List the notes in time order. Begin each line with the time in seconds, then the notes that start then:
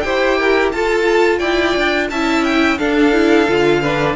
0.00 E4 G4 C5 G5
0.38 A#4
0.72 F4 A4 A5
1.38 E4 D5 G5
1.76 D4
2.10 C#4 E4 E5 A5
2.44 G5
2.78 D4 A4 F5
3.12 E4
3.48 D3 F4
3.81 D4 B4